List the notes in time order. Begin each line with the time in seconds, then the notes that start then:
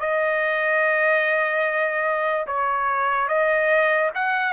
0.00 D#5
2.47 C#5
3.28 D#5
4.15 F#5